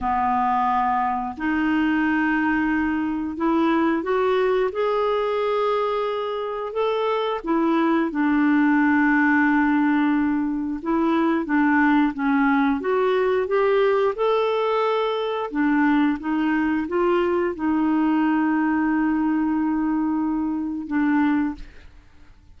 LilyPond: \new Staff \with { instrumentName = "clarinet" } { \time 4/4 \tempo 4 = 89 b2 dis'2~ | dis'4 e'4 fis'4 gis'4~ | gis'2 a'4 e'4 | d'1 |
e'4 d'4 cis'4 fis'4 | g'4 a'2 d'4 | dis'4 f'4 dis'2~ | dis'2. d'4 | }